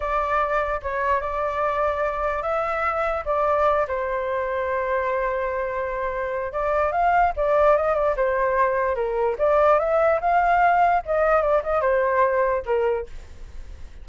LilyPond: \new Staff \with { instrumentName = "flute" } { \time 4/4 \tempo 4 = 147 d''2 cis''4 d''4~ | d''2 e''2 | d''4. c''2~ c''8~ | c''1 |
d''4 f''4 d''4 dis''8 d''8 | c''2 ais'4 d''4 | e''4 f''2 dis''4 | d''8 dis''8 c''2 ais'4 | }